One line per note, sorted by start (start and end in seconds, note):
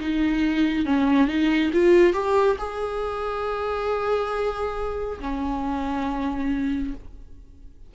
0.00 0.85 D#4
0.85 1.27 C#4
1.27 1.71 D#4
1.73 2.13 F4
2.13 2.57 G4
2.58 5.19 G#4
5.20 6.94 C#4